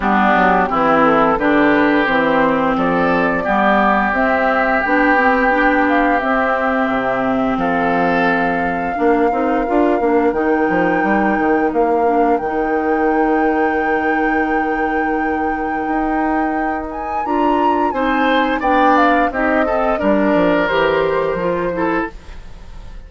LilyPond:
<<
  \new Staff \with { instrumentName = "flute" } { \time 4/4 \tempo 4 = 87 g'4. a'8 b'4 c''4 | d''2 e''4 g''4~ | g''8 f''8 e''2 f''4~ | f''2. g''4~ |
g''4 f''4 g''2~ | g''1~ | g''8 gis''8 ais''4 gis''4 g''8 f''8 | dis''4 d''4 c''2 | }
  \new Staff \with { instrumentName = "oboe" } { \time 4/4 d'4 e'4 g'2 | a'4 g'2.~ | g'2. a'4~ | a'4 ais'2.~ |
ais'1~ | ais'1~ | ais'2 c''4 d''4 | g'8 a'8 ais'2~ ais'8 a'8 | }
  \new Staff \with { instrumentName = "clarinet" } { \time 4/4 b4 c'4 d'4 c'4~ | c'4 b4 c'4 d'8 c'8 | d'4 c'2.~ | c'4 d'8 dis'8 f'8 d'8 dis'4~ |
dis'4. d'8 dis'2~ | dis'1~ | dis'4 f'4 dis'4 d'4 | dis'8 c'8 d'4 g'4 f'8 e'8 | }
  \new Staff \with { instrumentName = "bassoon" } { \time 4/4 g8 fis8 e4 d4 e4 | f4 g4 c'4 b4~ | b4 c'4 c4 f4~ | f4 ais8 c'8 d'8 ais8 dis8 f8 |
g8 dis8 ais4 dis2~ | dis2. dis'4~ | dis'4 d'4 c'4 b4 | c'4 g8 f8 e4 f4 | }
>>